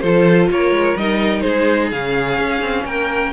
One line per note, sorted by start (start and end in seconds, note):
0.00 0.50 F3
0.00 0.98 F4
0.00 0.50 A4
0.00 0.47 C5
0.50 0.70 A#3
0.50 1.43 A#4
0.50 0.97 C#5
0.70 0.94 G#3
0.96 1.43 G3
0.96 1.93 D#4
0.96 1.41 D#5
1.41 1.92 G#3
1.41 2.84 G#4
1.41 1.88 C5
1.91 2.38 C#3
1.91 3.33 C#4
1.91 2.86 F5
2.38 2.61 C#4
2.61 2.84 C4
2.85 3.32 A#3
2.85 3.33 A#4
2.85 3.33 G5